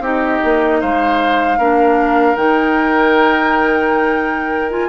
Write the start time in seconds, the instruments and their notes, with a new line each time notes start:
0.00 bassoon C4, clarinet D#4, oboe G4, flute D#5
0.44 bassoon A#3
0.81 bassoon G#3, oboe C5, flute F5
1.58 bassoon A#3, clarinet D4, oboe A#4
2.37 bassoon D#3, clarinet D#4, flute G5
4.71 clarinet F4, flute G#5